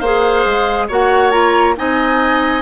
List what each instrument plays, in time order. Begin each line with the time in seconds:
0.00 bassoon A#3, clarinet G#4, oboe C5, flute F5
0.46 bassoon G#3
0.88 bassoon A#3, clarinet F#4, oboe C#5, flute F#5
1.31 clarinet F4, flute A#5
1.77 bassoon C4, clarinet D#4, oboe D#5, flute G#5